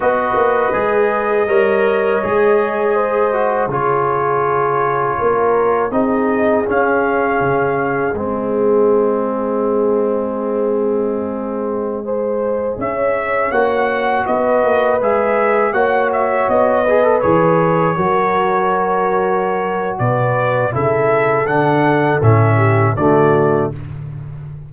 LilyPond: <<
  \new Staff \with { instrumentName = "trumpet" } { \time 4/4 \tempo 4 = 81 dis''1~ | dis''4 cis''2. | dis''4 f''2 dis''4~ | dis''1~ |
dis''4~ dis''16 e''4 fis''4 dis''8.~ | dis''16 e''4 fis''8 e''8 dis''4 cis''8.~ | cis''2. d''4 | e''4 fis''4 e''4 d''4 | }
  \new Staff \with { instrumentName = "horn" } { \time 4/4 b'2 cis''2 | c''4 gis'2 ais'4 | gis'1~ | gis'1~ |
gis'16 c''4 cis''2 b'8.~ | b'4~ b'16 cis''4. b'4~ b'16~ | b'16 ais'2~ ais'8. b'4 | a'2~ a'8 g'8 fis'4 | }
  \new Staff \with { instrumentName = "trombone" } { \time 4/4 fis'4 gis'4 ais'4 gis'4~ | gis'8 fis'8 f'2. | dis'4 cis'2 c'4~ | c'1~ |
c'16 gis'2 fis'4.~ fis'16~ | fis'16 gis'4 fis'4. gis'16 a'16 gis'8.~ | gis'16 fis'2.~ fis'8. | e'4 d'4 cis'4 a4 | }
  \new Staff \with { instrumentName = "tuba" } { \time 4/4 b8 ais8 gis4 g4 gis4~ | gis4 cis2 ais4 | c'4 cis'4 cis4 gis4~ | gis1~ |
gis4~ gis16 cis'4 ais4 b8 ais16~ | ais16 gis4 ais4 b4 e8.~ | e16 fis2~ fis8. b,4 | cis4 d4 a,4 d4 | }
>>